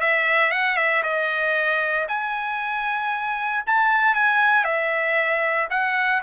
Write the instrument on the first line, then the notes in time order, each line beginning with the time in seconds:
trumpet
0.00 E5
0.51 F#5
0.76 E5
1.03 D#5
2.08 G#5
3.66 A5
4.14 G#5
4.64 E5
5.70 F#5